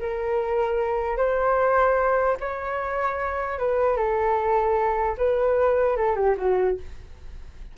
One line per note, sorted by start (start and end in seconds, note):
0.00 1.17 A#4
1.17 2.37 C5
2.40 3.59 C#5
3.59 3.96 B4
3.96 5.16 A4
5.17 5.97 B4
5.97 6.16 A4
6.16 6.36 G4
6.37 6.77 F#4